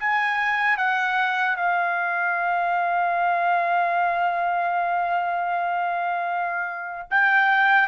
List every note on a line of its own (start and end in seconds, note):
0.00 0.78 G#5
0.78 1.56 F#5
1.56 7.09 F5
7.11 7.89 G5